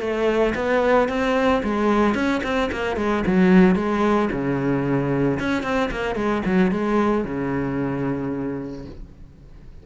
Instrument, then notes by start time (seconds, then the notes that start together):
cello
0.00 A3
0.55 B3
1.08 C4
1.63 G#3
2.14 C#4
2.43 C4
2.71 A#3
2.96 G#3
3.27 F#3
3.75 G#3
4.31 C#3
5.39 C#4
5.63 C4
5.91 A#3
6.15 G#3
6.45 F#3
6.71 G#3
7.24 C#3